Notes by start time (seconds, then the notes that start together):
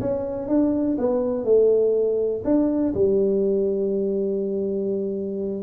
0.00 C#4
0.48 D4
0.98 B3
1.44 A3
2.44 D4
2.94 G3